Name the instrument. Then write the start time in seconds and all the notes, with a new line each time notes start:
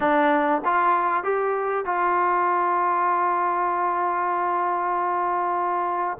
trombone
0.00 D4
0.64 F4
1.23 G4
1.85 F4